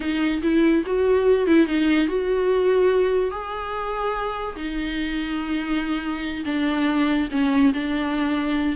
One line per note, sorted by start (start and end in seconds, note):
0.00 0.41 D#4
0.42 0.84 E4
0.86 1.46 F#4
1.46 1.66 E4
1.66 2.07 D#4
2.07 3.30 F#4
3.30 4.55 G#4
4.56 6.44 D#4
6.45 7.28 D4
7.31 7.72 C#4
7.73 8.75 D4